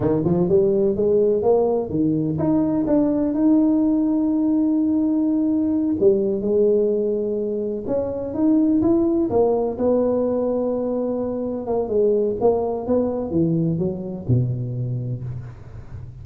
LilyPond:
\new Staff \with { instrumentName = "tuba" } { \time 4/4 \tempo 4 = 126 dis8 f8 g4 gis4 ais4 | dis4 dis'4 d'4 dis'4~ | dis'1~ | dis'8 g4 gis2~ gis8~ |
gis8 cis'4 dis'4 e'4 ais8~ | ais8 b2.~ b8~ | b8 ais8 gis4 ais4 b4 | e4 fis4 b,2 | }